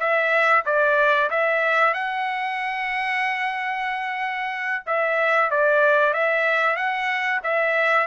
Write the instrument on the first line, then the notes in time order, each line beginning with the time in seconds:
trumpet
0.00 E5
0.66 D5
1.30 E5
1.94 F#5
4.87 E5
5.51 D5
6.13 E5
6.76 F#5
7.44 E5